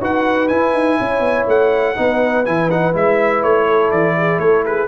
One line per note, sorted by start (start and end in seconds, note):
0.00 0.49 D#4
0.00 0.49 F#4
0.00 0.98 B4
0.00 0.48 F#5
0.48 0.73 E4
0.48 1.95 E4
0.48 1.46 G#5
0.73 0.98 D#4
0.98 1.19 C#4
0.98 1.96 C#5
1.19 1.44 B3
1.47 1.96 A3
1.47 2.45 F#5
1.95 2.46 B3
1.95 2.44 D#4
1.95 3.66 B4
2.45 2.94 E3
2.45 2.69 E4
2.45 2.69 G#5
2.70 2.93 D#4
2.70 2.94 F#5
2.93 3.43 G#3
2.93 4.87 E4
2.93 3.43 E5
3.43 3.91 A3
3.43 3.91 C#5
3.66 4.15 A4
3.91 4.38 E3
3.91 4.39 D5
4.17 4.40 G#4
4.38 4.87 A3
4.38 4.65 A4
4.38 4.63 C#5
4.65 4.87 G#4
4.65 4.87 B4